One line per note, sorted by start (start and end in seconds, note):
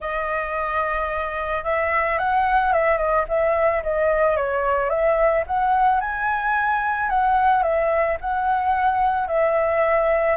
0.00 1.64 D#5
1.64 2.18 E5
2.18 2.72 F#5
2.72 2.97 E5
2.97 3.25 D#5
3.28 3.82 E5
3.83 4.36 D#5
4.36 4.89 C#5
4.89 5.44 E5
5.46 6.00 F#5
6.00 7.09 G#5
7.09 7.62 F#5
7.62 8.17 E5
8.20 9.27 F#5
9.27 10.36 E5